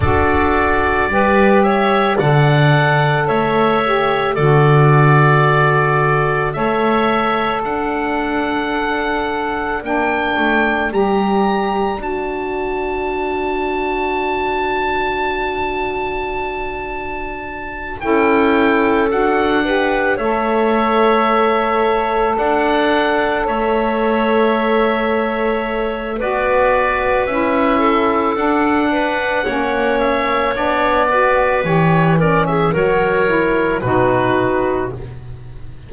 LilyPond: <<
  \new Staff \with { instrumentName = "oboe" } { \time 4/4 \tempo 4 = 55 d''4. e''8 fis''4 e''4 | d''2 e''4 fis''4~ | fis''4 g''4 ais''4 a''4~ | a''1~ |
a''8 g''4 fis''4 e''4.~ | e''8 fis''4 e''2~ e''8 | d''4 e''4 fis''4. e''8 | d''4 cis''8 d''16 e''16 cis''4 b'4 | }
  \new Staff \with { instrumentName = "clarinet" } { \time 4/4 a'4 b'8 cis''8 d''4 cis''4 | a'2 cis''4 d''4~ | d''1~ | d''1~ |
d''8 a'4. b'8 cis''4.~ | cis''8 d''4 cis''2~ cis''8 | b'4. a'4 b'8 cis''4~ | cis''8 b'4 ais'16 gis'16 ais'4 fis'4 | }
  \new Staff \with { instrumentName = "saxophone" } { \time 4/4 fis'4 g'4 a'4. g'8 | fis'2 a'2~ | a'4 d'4 g'4 fis'4~ | fis'1~ |
fis'8 e'4 fis'8 g'8 a'4.~ | a'1 | fis'4 e'4 d'4 cis'4 | d'8 fis'8 g'8 cis'8 fis'8 e'8 dis'4 | }
  \new Staff \with { instrumentName = "double bass" } { \time 4/4 d'4 g4 d4 a4 | d2 a4 d'4~ | d'4 ais8 a8 g4 d'4~ | d'1~ |
d'8 cis'4 d'4 a4.~ | a8 d'4 a2~ a8 | b4 cis'4 d'4 ais4 | b4 e4 fis4 b,4 | }
>>